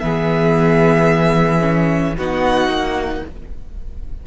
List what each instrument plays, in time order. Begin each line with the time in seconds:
0.00 cello E3, viola B3, violin G#4 E5
1.60 viola C#4
2.17 cello B3, viola D#4, violin F#4 F#5
2.68 cello A#3